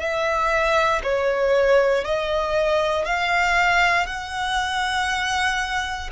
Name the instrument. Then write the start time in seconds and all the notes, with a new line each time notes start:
violin
0.00 E5
1.04 C#5
2.04 D#5
3.06 F5
4.07 F#5